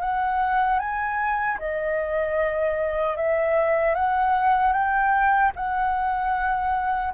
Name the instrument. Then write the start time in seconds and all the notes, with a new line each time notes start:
flute
0.00 F#5
0.79 G#5
1.58 D#5
3.16 E5
3.94 F#5
4.72 G5
5.55 F#5